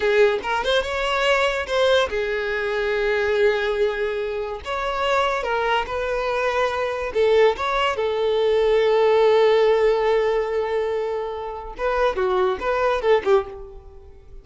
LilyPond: \new Staff \with { instrumentName = "violin" } { \time 4/4 \tempo 4 = 143 gis'4 ais'8 c''8 cis''2 | c''4 gis'2.~ | gis'2. cis''4~ | cis''4 ais'4 b'2~ |
b'4 a'4 cis''4 a'4~ | a'1~ | a'1 | b'4 fis'4 b'4 a'8 g'8 | }